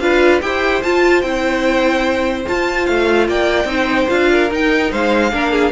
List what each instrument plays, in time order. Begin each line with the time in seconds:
0.00 cello D4, viola F4, violin B4 F5
0.41 cello E4, viola G4, violin C5 G5
0.82 cello F4, viola F4, violin A5
1.21 cello C4, viola E4, violin G5
2.46 viola F4, cello F4, violin A5
2.86 cello A3, violin F5
3.28 cello A#3, violin D5 G5
3.64 cello C4, viola D#4, violin C5
4.08 cello D4, viola F4, violin F5
4.31 violin A#4
4.51 cello D#4, viola D#4, violin G5
4.91 cello G#3, violin C5 F5
5.31 cello A#3, viola D4, violin A#4
5.51 violin G#4